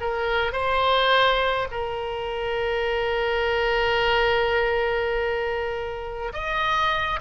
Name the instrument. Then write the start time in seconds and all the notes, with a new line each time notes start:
oboe
0.00 A#4
0.52 C5
1.71 A#4
6.33 D#5